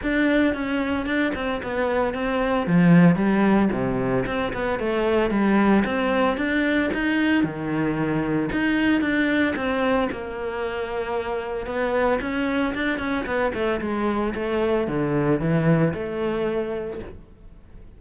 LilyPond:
\new Staff \with { instrumentName = "cello" } { \time 4/4 \tempo 4 = 113 d'4 cis'4 d'8 c'8 b4 | c'4 f4 g4 c4 | c'8 b8 a4 g4 c'4 | d'4 dis'4 dis2 |
dis'4 d'4 c'4 ais4~ | ais2 b4 cis'4 | d'8 cis'8 b8 a8 gis4 a4 | d4 e4 a2 | }